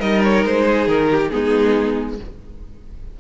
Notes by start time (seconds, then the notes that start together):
0.00 G3 D#4 A#4 D#5
0.24 C#5
0.45 G#3 C5
0.67 G#4
0.88 D#3 A#4
1.11 G4
1.30 G#3 B3 D#4 G#4